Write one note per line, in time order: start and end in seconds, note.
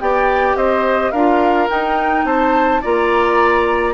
0.00 0.55 B3
0.00 1.13 G4
0.00 0.56 D5
0.00 0.56 G5
0.55 1.11 C4
0.55 1.11 C5
0.55 1.11 D#5
1.11 1.68 D4
1.11 1.69 F4
1.11 2.25 A#4
1.11 1.68 F5
1.69 2.82 D#4
1.69 2.24 D#4
1.69 2.25 G5
2.24 2.81 C4
2.24 2.81 C5
2.24 2.82 A5
2.81 3.94 A#3
2.81 3.94 F4
2.81 3.94 D5
2.81 3.94 A#5